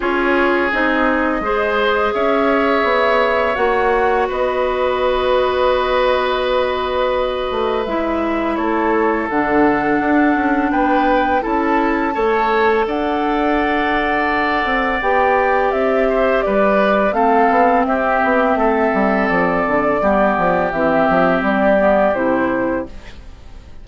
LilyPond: <<
  \new Staff \with { instrumentName = "flute" } { \time 4/4 \tempo 4 = 84 cis''4 dis''2 e''4~ | e''4 fis''4 dis''2~ | dis''2. e''4 | cis''4 fis''2 g''4 |
a''2 fis''2~ | fis''4 g''4 e''4 d''4 | f''4 e''2 d''4~ | d''4 e''4 d''4 c''4 | }
  \new Staff \with { instrumentName = "oboe" } { \time 4/4 gis'2 c''4 cis''4~ | cis''2 b'2~ | b'1 | a'2. b'4 |
a'4 cis''4 d''2~ | d''2~ d''8 c''8 b'4 | a'4 g'4 a'2 | g'1 | }
  \new Staff \with { instrumentName = "clarinet" } { \time 4/4 f'4 dis'4 gis'2~ | gis'4 fis'2.~ | fis'2. e'4~ | e'4 d'2. |
e'4 a'2.~ | a'4 g'2. | c'1 | b4 c'4. b8 e'4 | }
  \new Staff \with { instrumentName = "bassoon" } { \time 4/4 cis'4 c'4 gis4 cis'4 | b4 ais4 b2~ | b2~ b8 a8 gis4 | a4 d4 d'8 cis'8 b4 |
cis'4 a4 d'2~ | d'8 c'8 b4 c'4 g4 | a8 b8 c'8 b8 a8 g8 f8 d8 | g8 f8 e8 f8 g4 c4 | }
>>